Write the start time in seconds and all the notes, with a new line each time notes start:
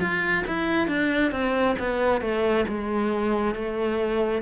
0.00 F4
0.47 E4
0.87 D4
1.32 C4
1.79 B3
2.21 A3
2.68 G#3
3.55 A3